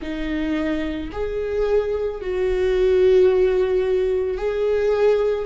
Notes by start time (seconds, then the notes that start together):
0.01 D#4
1.12 G#4
2.21 F#4
4.37 G#4